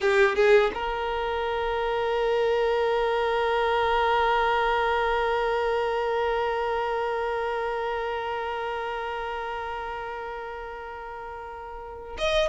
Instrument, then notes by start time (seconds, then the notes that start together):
violin
0.00 G4
0.35 G#4
0.73 A#4
12.18 D#5